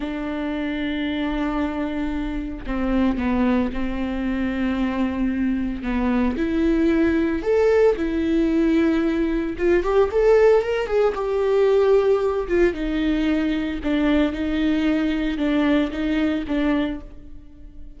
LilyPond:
\new Staff \with { instrumentName = "viola" } { \time 4/4 \tempo 4 = 113 d'1~ | d'4 c'4 b4 c'4~ | c'2. b4 | e'2 a'4 e'4~ |
e'2 f'8 g'8 a'4 | ais'8 gis'8 g'2~ g'8 f'8 | dis'2 d'4 dis'4~ | dis'4 d'4 dis'4 d'4 | }